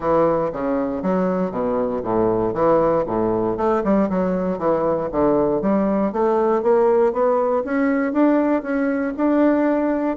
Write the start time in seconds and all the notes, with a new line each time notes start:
0.00 E3
0.52 C#3
1.02 F#3
1.51 B2
2.03 A2
2.53 E3
3.06 A2
3.57 A3
3.83 G3
4.09 F#3
4.58 E3
5.11 D3
5.61 G3
6.12 A3
6.62 A#3
7.12 B3
7.64 C#4
8.12 D4
8.62 C#4
9.16 D4